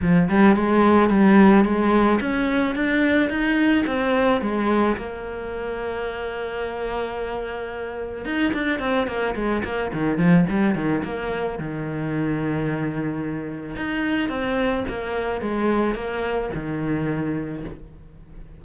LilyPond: \new Staff \with { instrumentName = "cello" } { \time 4/4 \tempo 4 = 109 f8 g8 gis4 g4 gis4 | cis'4 d'4 dis'4 c'4 | gis4 ais2.~ | ais2. dis'8 d'8 |
c'8 ais8 gis8 ais8 dis8 f8 g8 dis8 | ais4 dis2.~ | dis4 dis'4 c'4 ais4 | gis4 ais4 dis2 | }